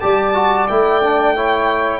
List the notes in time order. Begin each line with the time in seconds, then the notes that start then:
0.00 G3 G4 D5 A5
0.34 F#4
0.68 A3 E4 G5
1.04 D4
1.35 E4 C#5